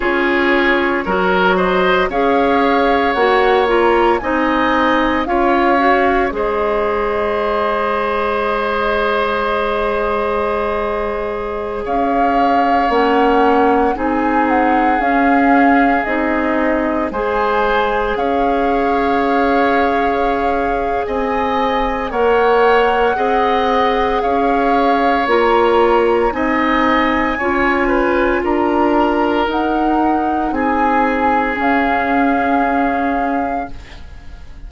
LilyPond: <<
  \new Staff \with { instrumentName = "flute" } { \time 4/4 \tempo 4 = 57 cis''4. dis''8 f''4 fis''8 ais''8 | gis''4 f''4 dis''2~ | dis''2.~ dis''16 f''8.~ | f''16 fis''4 gis''8 fis''8 f''4 dis''8.~ |
dis''16 gis''4 f''2~ f''8. | gis''4 fis''2 f''4 | ais''4 gis''2 ais''4 | fis''4 gis''4 f''2 | }
  \new Staff \with { instrumentName = "oboe" } { \time 4/4 gis'4 ais'8 c''8 cis''2 | dis''4 cis''4 c''2~ | c''2.~ c''16 cis''8.~ | cis''4~ cis''16 gis'2~ gis'8.~ |
gis'16 c''4 cis''2~ cis''8. | dis''4 cis''4 dis''4 cis''4~ | cis''4 dis''4 cis''8 b'8 ais'4~ | ais'4 gis'2. | }
  \new Staff \with { instrumentName = "clarinet" } { \time 4/4 f'4 fis'4 gis'4 fis'8 f'8 | dis'4 f'8 fis'8 gis'2~ | gis'1~ | gis'16 cis'4 dis'4 cis'4 dis'8.~ |
dis'16 gis'2.~ gis'8.~ | gis'4 ais'4 gis'2 | f'4 dis'4 f'2 | dis'2 cis'2 | }
  \new Staff \with { instrumentName = "bassoon" } { \time 4/4 cis'4 fis4 cis'4 ais4 | c'4 cis'4 gis2~ | gis2.~ gis16 cis'8.~ | cis'16 ais4 c'4 cis'4 c'8.~ |
c'16 gis4 cis'2~ cis'8. | c'4 ais4 c'4 cis'4 | ais4 c'4 cis'4 d'4 | dis'4 c'4 cis'2 | }
>>